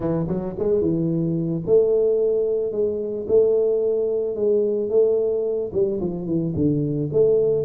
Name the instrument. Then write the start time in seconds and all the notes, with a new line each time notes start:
tuba
0.00 E3
0.27 F#3
0.58 G#3
0.81 E3
1.66 A3
2.71 G#3
3.28 A3
4.35 G#3
4.89 A3
5.72 G3
6.00 F3
6.26 E3
6.55 D3
7.12 A3